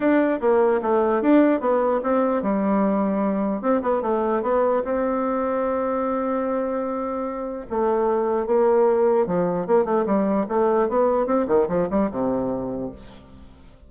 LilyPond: \new Staff \with { instrumentName = "bassoon" } { \time 4/4 \tempo 4 = 149 d'4 ais4 a4 d'4 | b4 c'4 g2~ | g4 c'8 b8 a4 b4 | c'1~ |
c'2. a4~ | a4 ais2 f4 | ais8 a8 g4 a4 b4 | c'8 dis8 f8 g8 c2 | }